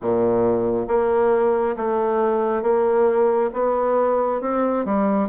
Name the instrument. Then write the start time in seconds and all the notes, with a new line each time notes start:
bassoon
0.01 A#2
0.87 A#3
1.76 A3
2.62 A#3
3.53 B3
4.41 C4
4.85 G3